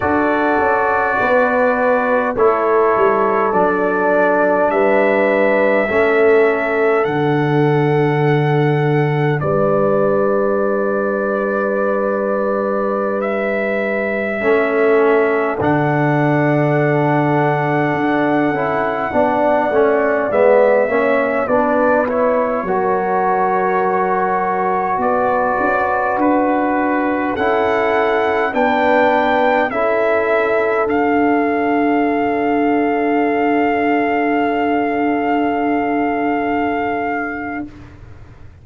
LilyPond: <<
  \new Staff \with { instrumentName = "trumpet" } { \time 4/4 \tempo 4 = 51 d''2 cis''4 d''4 | e''2 fis''2 | d''2.~ d''16 e''8.~ | e''4~ e''16 fis''2~ fis''8.~ |
fis''4~ fis''16 e''4 d''8 cis''4~ cis''16~ | cis''4~ cis''16 d''4 b'4 fis''8.~ | fis''16 g''4 e''4 f''4.~ f''16~ | f''1 | }
  \new Staff \with { instrumentName = "horn" } { \time 4/4 a'4 b'4 a'2 | b'4 a'2. | b'1~ | b'16 a'2.~ a'8.~ |
a'16 d''4. cis''8 b'4 ais'8.~ | ais'4~ ais'16 b'2 a'8.~ | a'16 b'4 a'2~ a'8.~ | a'1 | }
  \new Staff \with { instrumentName = "trombone" } { \time 4/4 fis'2 e'4 d'4~ | d'4 cis'4 d'2~ | d'1~ | d'16 cis'4 d'2~ d'8 e'16~ |
e'16 d'8 cis'8 b8 cis'8 d'8 e'8 fis'8.~ | fis'2.~ fis'16 e'8.~ | e'16 d'4 e'4 d'4.~ d'16~ | d'1 | }
  \new Staff \with { instrumentName = "tuba" } { \time 4/4 d'8 cis'8 b4 a8 g8 fis4 | g4 a4 d2 | g1~ | g16 a4 d2 d'8 cis'16~ |
cis'16 b8 a8 gis8 ais8 b4 fis8.~ | fis4~ fis16 b8 cis'8 d'4 cis'8.~ | cis'16 b4 cis'4 d'4.~ d'16~ | d'1 | }
>>